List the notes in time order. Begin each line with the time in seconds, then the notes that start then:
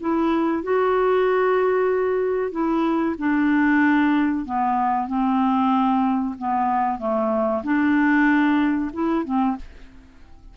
0.00 E4
0.63 F#4
2.51 E4
3.18 D4
4.45 B3
5.07 C4
6.38 B3
6.98 A3
7.63 D4
8.93 E4
9.24 C4